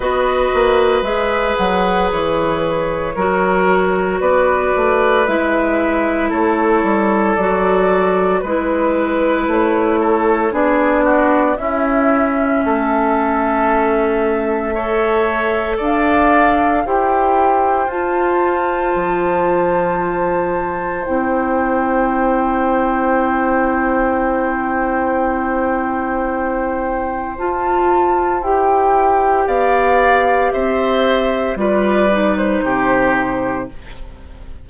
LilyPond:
<<
  \new Staff \with { instrumentName = "flute" } { \time 4/4 \tempo 4 = 57 dis''4 e''8 fis''8 cis''2 | d''4 e''4 cis''4 d''4 | b'4 cis''4 d''4 e''4~ | e''2. f''4 |
g''4 a''2. | g''1~ | g''2 a''4 g''4 | f''4 e''4 d''8. c''4~ c''16 | }
  \new Staff \with { instrumentName = "oboe" } { \time 4/4 b'2. ais'4 | b'2 a'2 | b'4. a'8 gis'8 fis'8 e'4 | a'2 cis''4 d''4 |
c''1~ | c''1~ | c''1 | d''4 c''4 b'4 g'4 | }
  \new Staff \with { instrumentName = "clarinet" } { \time 4/4 fis'4 gis'2 fis'4~ | fis'4 e'2 fis'4 | e'2 d'4 cis'4~ | cis'2 a'2 |
g'4 f'2. | e'1~ | e'2 f'4 g'4~ | g'2 f'8 dis'4. | }
  \new Staff \with { instrumentName = "bassoon" } { \time 4/4 b8 ais8 gis8 fis8 e4 fis4 | b8 a8 gis4 a8 g8 fis4 | gis4 a4 b4 cis'4 | a2. d'4 |
e'4 f'4 f2 | c'1~ | c'2 f'4 e'4 | b4 c'4 g4 c4 | }
>>